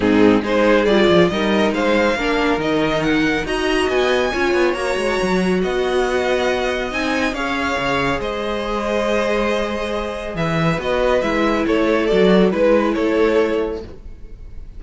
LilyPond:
<<
  \new Staff \with { instrumentName = "violin" } { \time 4/4 \tempo 4 = 139 gis'4 c''4 d''4 dis''4 | f''2 dis''4 fis''4 | ais''4 gis''2 ais''4~ | ais''4 fis''2. |
gis''4 f''2 dis''4~ | dis''1 | e''4 dis''4 e''4 cis''4 | d''4 b'4 cis''2 | }
  \new Staff \with { instrumentName = "violin" } { \time 4/4 dis'4 gis'2 ais'4 | c''4 ais'2. | dis''2 cis''2~ | cis''4 dis''2.~ |
dis''4 cis''2 c''4~ | c''1 | b'2. a'4~ | a'4 b'4 a'2 | }
  \new Staff \with { instrumentName = "viola" } { \time 4/4 c'4 dis'4 f'4 dis'4~ | dis'4 d'4 dis'2 | fis'2 f'4 fis'4~ | fis'1 |
dis'4 gis'2.~ | gis'1~ | gis'4 fis'4 e'2 | fis'4 e'2. | }
  \new Staff \with { instrumentName = "cello" } { \time 4/4 gis,4 gis4 g8 f8 g4 | gis4 ais4 dis2 | dis'4 b4 cis'8 b8 ais8 gis8 | fis4 b2. |
c'4 cis'4 cis4 gis4~ | gis1 | e4 b4 gis4 a4 | fis4 gis4 a2 | }
>>